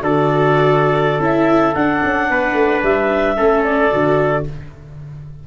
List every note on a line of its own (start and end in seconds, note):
0.00 1.19 D3
0.00 1.20 F#4
0.00 2.30 A4
0.00 1.22 D5
1.19 1.72 C#4
1.19 1.73 E4
1.19 1.74 E5
1.74 2.02 D4
1.74 3.36 D4
1.74 2.81 F#5
2.04 2.29 C#4
2.29 2.53 B3
2.29 3.36 B4
2.53 2.80 A3
2.82 3.36 G3
2.82 3.63 E5
3.36 3.92 A3
3.36 3.90 C#4
3.36 4.44 A4
3.63 4.43 D5
3.90 4.47 D3
3.90 4.44 F#4